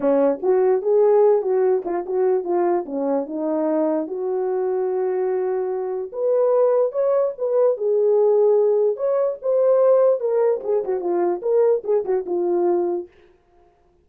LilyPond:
\new Staff \with { instrumentName = "horn" } { \time 4/4 \tempo 4 = 147 cis'4 fis'4 gis'4. fis'8~ | fis'8 f'8 fis'4 f'4 cis'4 | dis'2 fis'2~ | fis'2. b'4~ |
b'4 cis''4 b'4 gis'4~ | gis'2 cis''4 c''4~ | c''4 ais'4 gis'8 fis'8 f'4 | ais'4 gis'8 fis'8 f'2 | }